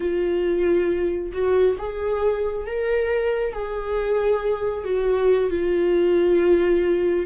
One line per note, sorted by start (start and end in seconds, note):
0.00 1.32 F4
1.32 1.76 F#4
1.78 2.66 G#4
2.66 3.52 A#4
3.52 4.84 G#4
4.84 5.49 F#4
5.49 7.26 F4